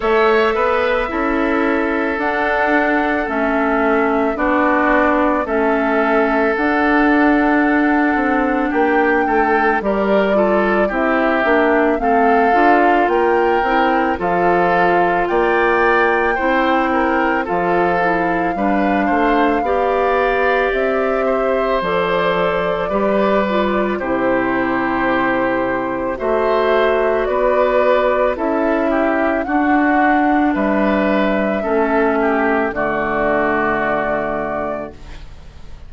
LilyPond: <<
  \new Staff \with { instrumentName = "flute" } { \time 4/4 \tempo 4 = 55 e''2 fis''4 e''4 | d''4 e''4 fis''2 | g''4 d''4 e''4 f''4 | g''4 f''4 g''2 |
f''2. e''4 | d''2 c''2 | e''4 d''4 e''4 fis''4 | e''2 d''2 | }
  \new Staff \with { instrumentName = "oboe" } { \time 4/4 cis''8 b'8 a'2. | fis'4 a'2. | g'8 a'8 ais'8 a'8 g'4 a'4 | ais'4 a'4 d''4 c''8 ais'8 |
a'4 b'8 c''8 d''4. c''8~ | c''4 b'4 g'2 | c''4 b'4 a'8 g'8 fis'4 | b'4 a'8 g'8 fis'2 | }
  \new Staff \with { instrumentName = "clarinet" } { \time 4/4 a'4 e'4 d'4 cis'4 | d'4 cis'4 d'2~ | d'4 g'8 f'8 e'8 d'8 c'8 f'8~ | f'8 e'8 f'2 e'4 |
f'8 e'8 d'4 g'2 | a'4 g'8 f'8 e'2 | fis'2 e'4 d'4~ | d'4 cis'4 a2 | }
  \new Staff \with { instrumentName = "bassoon" } { \time 4/4 a8 b8 cis'4 d'4 a4 | b4 a4 d'4. c'8 | ais8 a8 g4 c'8 ais8 a8 d'8 | ais8 c'8 f4 ais4 c'4 |
f4 g8 a8 b4 c'4 | f4 g4 c2 | a4 b4 cis'4 d'4 | g4 a4 d2 | }
>>